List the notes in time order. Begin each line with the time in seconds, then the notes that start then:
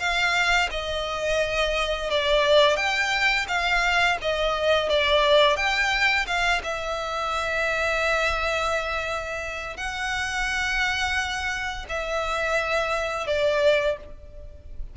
0.00 F5
0.71 D#5
2.11 D5
2.77 G5
3.48 F5
4.22 D#5
4.90 D5
5.57 G5
6.27 F5
6.63 E5
9.77 F#5
11.89 E5
13.27 D5